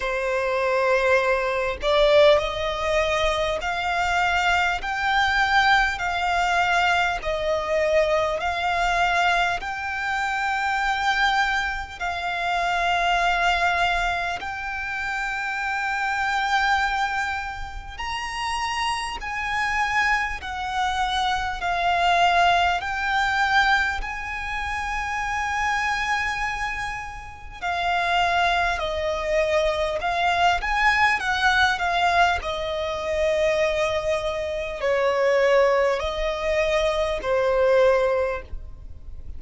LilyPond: \new Staff \with { instrumentName = "violin" } { \time 4/4 \tempo 4 = 50 c''4. d''8 dis''4 f''4 | g''4 f''4 dis''4 f''4 | g''2 f''2 | g''2. ais''4 |
gis''4 fis''4 f''4 g''4 | gis''2. f''4 | dis''4 f''8 gis''8 fis''8 f''8 dis''4~ | dis''4 cis''4 dis''4 c''4 | }